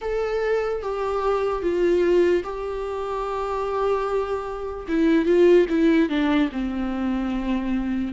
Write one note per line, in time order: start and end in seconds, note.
0.01 0.82 A4
0.82 1.62 G4
1.62 2.43 F4
2.43 4.86 G4
4.88 5.25 E4
5.25 5.66 F4
5.69 6.09 E4
6.09 6.49 D4
6.52 8.13 C4